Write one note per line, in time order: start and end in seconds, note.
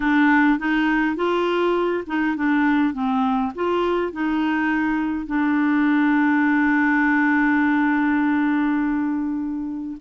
0.00 0.59 D4
0.59 1.16 D#4
1.16 2.04 F4
2.06 2.36 D#4
2.36 2.93 D4
2.93 3.52 C4
3.55 4.12 F4
4.12 5.26 D#4
5.26 9.97 D4